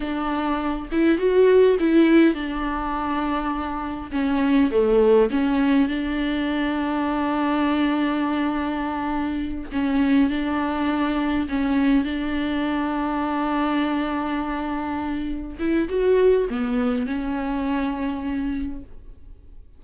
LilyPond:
\new Staff \with { instrumentName = "viola" } { \time 4/4 \tempo 4 = 102 d'4. e'8 fis'4 e'4 | d'2. cis'4 | a4 cis'4 d'2~ | d'1~ |
d'8 cis'4 d'2 cis'8~ | cis'8 d'2.~ d'8~ | d'2~ d'8 e'8 fis'4 | b4 cis'2. | }